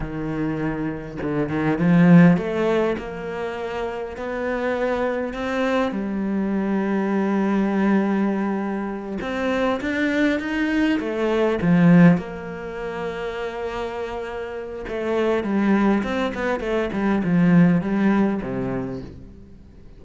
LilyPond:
\new Staff \with { instrumentName = "cello" } { \time 4/4 \tempo 4 = 101 dis2 d8 dis8 f4 | a4 ais2 b4~ | b4 c'4 g2~ | g2.~ g8 c'8~ |
c'8 d'4 dis'4 a4 f8~ | f8 ais2.~ ais8~ | ais4 a4 g4 c'8 b8 | a8 g8 f4 g4 c4 | }